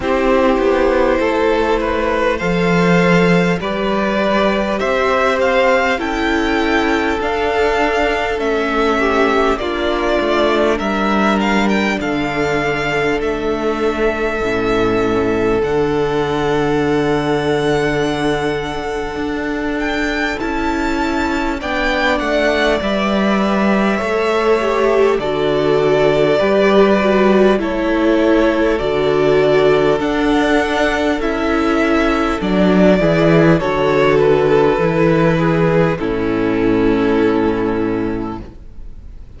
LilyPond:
<<
  \new Staff \with { instrumentName = "violin" } { \time 4/4 \tempo 4 = 50 c''2 f''4 d''4 | e''8 f''8 g''4 f''4 e''4 | d''4 e''8 f''16 g''16 f''4 e''4~ | e''4 fis''2.~ |
fis''8 g''8 a''4 g''8 fis''8 e''4~ | e''4 d''2 cis''4 | d''4 fis''4 e''4 d''4 | cis''8 b'4. a'2 | }
  \new Staff \with { instrumentName = "violin" } { \time 4/4 g'4 a'8 b'8 c''4 b'4 | c''4 a'2~ a'8 g'8 | f'4 ais'4 a'2~ | a'1~ |
a'2 d''2 | cis''4 a'4 b'4 a'4~ | a'2.~ a'8 gis'8 | a'4. gis'8 e'2 | }
  \new Staff \with { instrumentName = "viola" } { \time 4/4 e'2 a'4 g'4~ | g'4 e'4 d'4 cis'4 | d'1 | cis'4 d'2.~ |
d'4 e'4 d'4 b'4 | a'8 g'8 fis'4 g'8 fis'8 e'4 | fis'4 d'4 e'4 d'8 e'8 | fis'4 e'4 cis'2 | }
  \new Staff \with { instrumentName = "cello" } { \time 4/4 c'8 b8 a4 f4 g4 | c'4 cis'4 d'4 a4 | ais8 a8 g4 d4 a4 | a,4 d2. |
d'4 cis'4 b8 a8 g4 | a4 d4 g4 a4 | d4 d'4 cis'4 fis8 e8 | d4 e4 a,2 | }
>>